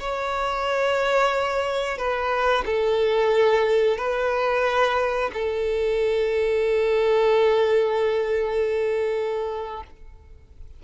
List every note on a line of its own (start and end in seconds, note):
0.00 1.98 C#5
1.98 2.65 B4
2.66 3.98 A4
3.98 5.31 B4
5.34 9.84 A4